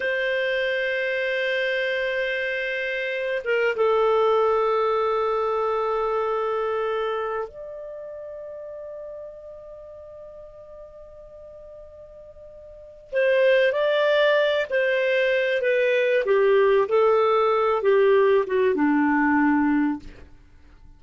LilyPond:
\new Staff \with { instrumentName = "clarinet" } { \time 4/4 \tempo 4 = 96 c''1~ | c''4. ais'8 a'2~ | a'1 | d''1~ |
d''1~ | d''4 c''4 d''4. c''8~ | c''4 b'4 g'4 a'4~ | a'8 g'4 fis'8 d'2 | }